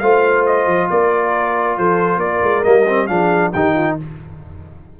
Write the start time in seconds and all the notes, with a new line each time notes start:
0.00 A3 F4 C5 F5
0.46 D#5
0.67 F3
0.90 A#3 A#4 D5
1.78 F3 A4 C5
2.18 A#3 A#4 D5
2.44 G#3
2.64 G3 A#3 D#5
2.87 C4
3.07 F3 D4 G#4 F5
3.53 D#3 D#4 G4 G5
3.74 F4